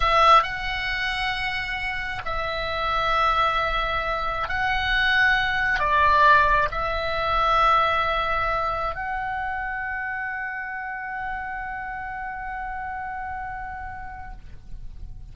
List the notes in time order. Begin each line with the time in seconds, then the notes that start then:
0.00 E5
0.43 F#5
2.25 E5
4.48 F#5
5.79 D5
6.71 E5
8.95 F#5